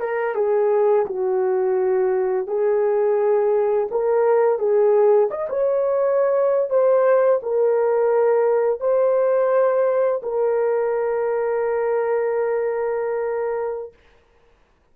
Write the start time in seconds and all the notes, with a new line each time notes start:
0.00 A#4
0.35 G#4
1.06 F#4
2.47 G#4
3.91 A#4
4.59 G#4
5.31 D#5
5.49 C#5
6.70 C5
7.43 A#4
8.80 C5
10.23 A#4